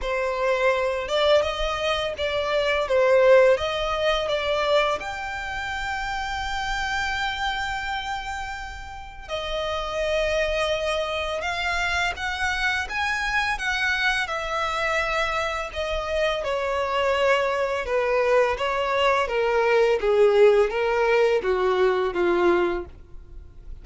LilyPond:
\new Staff \with { instrumentName = "violin" } { \time 4/4 \tempo 4 = 84 c''4. d''8 dis''4 d''4 | c''4 dis''4 d''4 g''4~ | g''1~ | g''4 dis''2. |
f''4 fis''4 gis''4 fis''4 | e''2 dis''4 cis''4~ | cis''4 b'4 cis''4 ais'4 | gis'4 ais'4 fis'4 f'4 | }